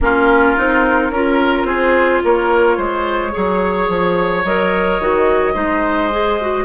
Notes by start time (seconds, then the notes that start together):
0.00 A#3 C#4 F4 A#4
0.56 C4 D#4
1.10 C#4 F4 A#4
1.64 C4 G#4 C5
2.24 A#3 A#4 C#5
2.77 G#3 C5
3.31 F#3 G#4 C#5
3.88 F3
4.44 F#3 A#4 D#5
4.99 D#3 F#4
5.53 G#3 D#4 C5
6.11 G#4
6.41 F#4